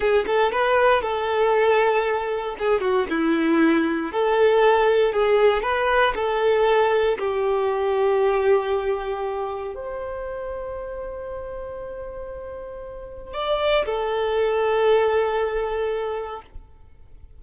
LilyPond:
\new Staff \with { instrumentName = "violin" } { \time 4/4 \tempo 4 = 117 gis'8 a'8 b'4 a'2~ | a'4 gis'8 fis'8 e'2 | a'2 gis'4 b'4 | a'2 g'2~ |
g'2. c''4~ | c''1~ | c''2 d''4 a'4~ | a'1 | }